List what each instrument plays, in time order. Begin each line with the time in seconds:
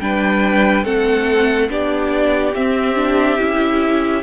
0.00 cello G3, viola D4, violin B4 G5
0.84 cello A3, viola C4, violin A4 F#5
1.68 cello B3, viola D4, violin G4 D5
2.54 cello C4, viola C4, violin E5
2.95 viola D4
3.38 cello C#4, viola E4